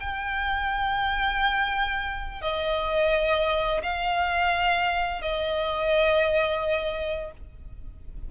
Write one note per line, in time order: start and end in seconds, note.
0.00 2.41 G5
2.41 3.81 D#5
3.82 5.21 F5
5.21 7.31 D#5